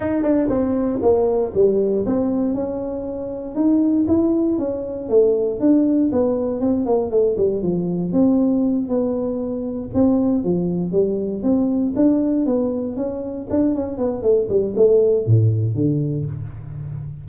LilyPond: \new Staff \with { instrumentName = "tuba" } { \time 4/4 \tempo 4 = 118 dis'8 d'8 c'4 ais4 g4 | c'4 cis'2 dis'4 | e'4 cis'4 a4 d'4 | b4 c'8 ais8 a8 g8 f4 |
c'4. b2 c'8~ | c'8 f4 g4 c'4 d'8~ | d'8 b4 cis'4 d'8 cis'8 b8 | a8 g8 a4 a,4 d4 | }